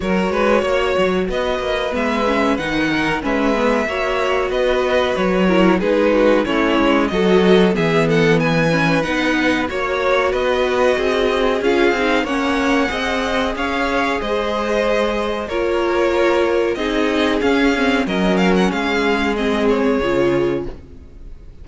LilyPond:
<<
  \new Staff \with { instrumentName = "violin" } { \time 4/4 \tempo 4 = 93 cis''2 dis''4 e''4 | fis''4 e''2 dis''4 | cis''4 b'4 cis''4 dis''4 | e''8 fis''8 gis''4 fis''4 cis''4 |
dis''2 f''4 fis''4~ | fis''4 f''4 dis''2 | cis''2 dis''4 f''4 | dis''8 f''16 fis''16 f''4 dis''8 cis''4. | }
  \new Staff \with { instrumentName = "violin" } { \time 4/4 ais'8 b'8 cis''4 b'2~ | b'8 ais'8 b'4 cis''4 b'4~ | b'8 ais'8 gis'8 fis'8 e'4 a'4 | gis'8 a'8 b'2 cis''4 |
b'4 gis'2 cis''4 | dis''4 cis''4 c''2 | ais'2 gis'2 | ais'4 gis'2. | }
  \new Staff \with { instrumentName = "viola" } { \time 4/4 fis'2. b8 cis'8 | dis'4 cis'8 b8 fis'2~ | fis'8 e'8 dis'4 cis'4 fis'4 | b4. cis'8 dis'4 fis'4~ |
fis'2 f'8 dis'8 cis'4 | gis'1 | f'2 dis'4 cis'8 c'8 | cis'2 c'4 f'4 | }
  \new Staff \with { instrumentName = "cello" } { \time 4/4 fis8 gis8 ais8 fis8 b8 ais8 gis4 | dis4 gis4 ais4 b4 | fis4 gis4 a8 gis8 fis4 | e2 b4 ais4 |
b4 c'4 cis'8 c'8 ais4 | c'4 cis'4 gis2 | ais2 c'4 cis'4 | fis4 gis2 cis4 | }
>>